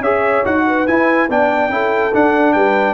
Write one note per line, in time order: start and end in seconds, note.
0.00 0.43 C#4
0.00 0.44 G#4
0.00 0.63 C#5
0.00 0.45 E5
0.44 0.87 D#4
0.44 0.86 F#4
0.44 0.87 F#5
0.67 1.29 B4
0.87 1.29 E4
0.87 1.29 G#5
1.29 1.69 B3
1.29 1.70 D4
1.29 1.73 D5
1.29 2.14 G5
1.69 2.11 C#4
1.69 2.12 E4
1.69 2.54 A4
2.14 2.94 D4
2.14 2.55 D4
2.14 2.53 F#5
2.53 2.94 G3
2.53 2.94 B4
2.53 2.94 G5